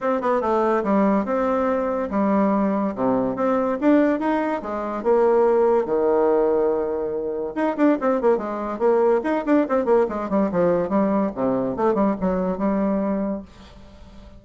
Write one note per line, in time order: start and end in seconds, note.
0.00 0.21 C4
0.21 0.41 B3
0.41 0.83 A3
0.83 1.25 G3
1.25 2.09 C4
2.10 2.94 G3
2.95 3.36 C3
3.36 3.78 C4
3.80 4.19 D4
4.19 4.61 D#4
4.62 5.03 G#3
5.03 5.85 A#3
5.85 7.53 D#3
7.55 7.76 D#4
7.76 7.97 D4
8.00 8.21 C4
8.21 8.37 A#3
8.37 8.78 G#3
8.78 9.20 A#3
9.23 9.44 D#4
9.45 9.66 D4
9.68 9.85 C4
9.85 10.06 A#3
10.09 10.29 G#3
10.29 10.50 G3
10.51 10.89 F3
10.89 11.31 G3
11.35 11.76 C3
11.76 11.94 A3
11.94 12.15 G3
12.20 12.58 F#3
12.58 13.42 G3